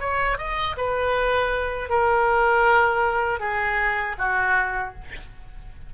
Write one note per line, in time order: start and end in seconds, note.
0.00 0.38 C#5
0.38 0.76 D#5
0.77 1.90 B4
1.90 3.40 A#4
3.40 4.16 G#4
4.18 4.94 F#4